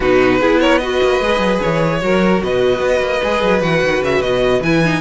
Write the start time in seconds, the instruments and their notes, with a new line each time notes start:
0.00 cello B2, viola D#4, violin F#4 B4
0.40 cello B3, viola E4, violin G#4
0.60 violin A#4 C#5
0.78 viola F#4, violin B4 D#5
1.02 cello A#3
1.20 cello G#3, viola G#4
1.38 cello F#3
1.61 cello E3, violin C#5
2.01 cello F#3, viola F#4, violin A#4
2.42 cello B2, violin B4 D#5
2.80 cello B3
3.00 cello A#3
3.23 cello G#3, viola G#4
3.42 cello F#3
3.61 cello E3, viola F#4, violin F#5
3.82 cello D#3
4.01 cello C#3, violin E5
4.21 cello B2, violin D#5
4.60 cello E3, viola E4, violin G#5
4.84 viola D#4